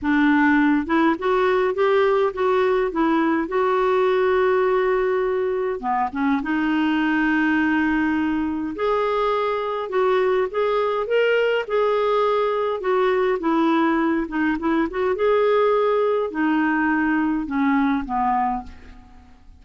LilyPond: \new Staff \with { instrumentName = "clarinet" } { \time 4/4 \tempo 4 = 103 d'4. e'8 fis'4 g'4 | fis'4 e'4 fis'2~ | fis'2 b8 cis'8 dis'4~ | dis'2. gis'4~ |
gis'4 fis'4 gis'4 ais'4 | gis'2 fis'4 e'4~ | e'8 dis'8 e'8 fis'8 gis'2 | dis'2 cis'4 b4 | }